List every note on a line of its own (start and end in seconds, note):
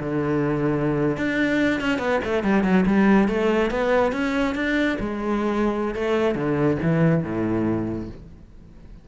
0.00 1.17 D3
1.17 1.81 D4
1.81 1.98 C#4
1.98 2.20 B3
2.24 2.43 A3
2.43 2.63 G3
2.63 2.85 F#3
2.86 3.28 G3
3.28 3.71 A3
3.71 4.12 B3
4.12 4.55 C#4
4.55 4.97 D4
5.00 5.94 G#3
5.94 6.35 A3
6.35 6.78 D3
6.82 7.23 E3
7.23 8.08 A2